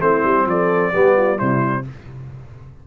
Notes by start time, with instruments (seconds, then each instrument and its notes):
0.00 tuba A3, trombone C4, horn E4, trumpet C5
0.23 tuba G3
0.46 tuba F3, horn A4, trumpet D5
0.92 tuba G3, trombone B3, horn G4
1.16 horn F4
1.36 tuba C3, trombone G3, horn E4, trumpet C5